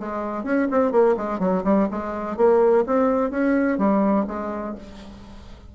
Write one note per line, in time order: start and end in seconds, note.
0.00 0.44 G#3
0.44 0.68 C#4
0.71 0.92 C4
0.92 1.16 A#3
1.17 1.40 G#3
1.40 1.64 F#3
1.65 1.88 G3
1.91 2.37 G#3
2.37 2.85 A#3
2.87 3.31 C4
3.31 3.78 C#4
3.79 4.26 G3
4.28 4.76 G#3